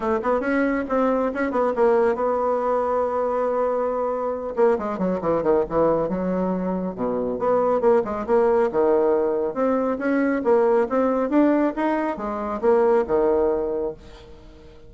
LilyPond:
\new Staff \with { instrumentName = "bassoon" } { \time 4/4 \tempo 4 = 138 a8 b8 cis'4 c'4 cis'8 b8 | ais4 b2.~ | b2~ b8 ais8 gis8 fis8 | e8 dis8 e4 fis2 |
b,4 b4 ais8 gis8 ais4 | dis2 c'4 cis'4 | ais4 c'4 d'4 dis'4 | gis4 ais4 dis2 | }